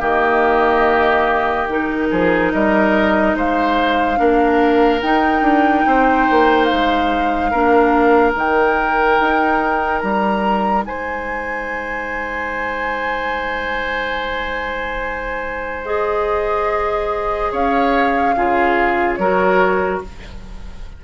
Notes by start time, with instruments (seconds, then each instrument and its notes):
0.00 bassoon D#3, clarinet A#3, oboe G4, flute D#5
1.70 clarinet D#4, flute A#4
2.11 bassoon F3, oboe G#4
2.53 bassoon G3, oboe A#4, flute D#5
3.35 bassoon G#3, oboe C5, flute F5
4.17 bassoon A#3, clarinet D4, oboe A#4
5.02 bassoon D#4, clarinet D#4, flute G5
5.42 bassoon D4
5.87 bassoon C4, oboe C5
6.30 bassoon A#3
6.65 flute F5
6.73 bassoon G#3
7.51 bassoon A#3, clarinet D4, oboe A#4
8.33 bassoon D#3, clarinet D#4, flute G5
9.20 bassoon D#4
10.00 bassoon G3, flute A#5
10.85 bassoon G#3, oboe C5, flute G#5
15.85 clarinet G#4, flute D#5
17.52 bassoon C#4, oboe C#5, flute F5
18.37 bassoon C#3, clarinet F4, oboe G#4
19.15 bassoon F#3, oboe A#4, flute C#5
19.21 clarinet F#4